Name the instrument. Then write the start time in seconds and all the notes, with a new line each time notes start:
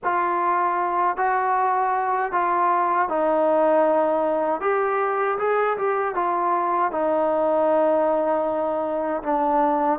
trombone
0.03 F4
1.16 F#4
2.31 F4
3.08 D#4
4.60 G4
5.38 G#4
5.77 G4
6.14 F4
6.91 D#4
9.22 D4